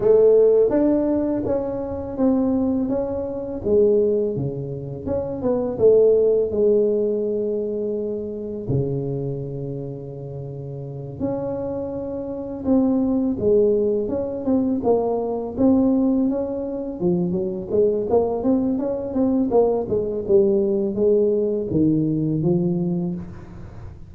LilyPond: \new Staff \with { instrumentName = "tuba" } { \time 4/4 \tempo 4 = 83 a4 d'4 cis'4 c'4 | cis'4 gis4 cis4 cis'8 b8 | a4 gis2. | cis2.~ cis8 cis'8~ |
cis'4. c'4 gis4 cis'8 | c'8 ais4 c'4 cis'4 f8 | fis8 gis8 ais8 c'8 cis'8 c'8 ais8 gis8 | g4 gis4 dis4 f4 | }